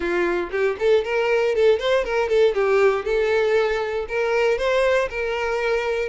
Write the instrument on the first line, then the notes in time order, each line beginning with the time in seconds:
violin
0.00 F4
0.51 G4
0.79 A4
1.04 A#4
1.55 A4
1.79 C5
2.04 A#4
2.29 A4
2.54 G4
3.04 A4
4.08 A#4
4.58 C5
5.09 A#4